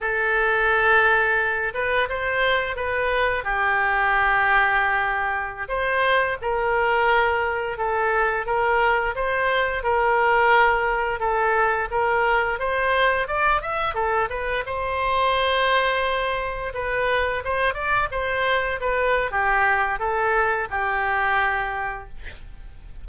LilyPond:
\new Staff \with { instrumentName = "oboe" } { \time 4/4 \tempo 4 = 87 a'2~ a'8 b'8 c''4 | b'4 g'2.~ | g'16 c''4 ais'2 a'8.~ | a'16 ais'4 c''4 ais'4.~ ais'16~ |
ais'16 a'4 ais'4 c''4 d''8 e''16~ | e''16 a'8 b'8 c''2~ c''8.~ | c''16 b'4 c''8 d''8 c''4 b'8. | g'4 a'4 g'2 | }